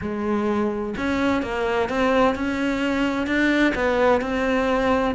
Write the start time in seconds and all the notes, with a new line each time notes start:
0.01 G#3
0.97 C#4
1.42 A#3
1.89 C4
2.35 C#4
3.26 D4
3.74 B3
4.21 C4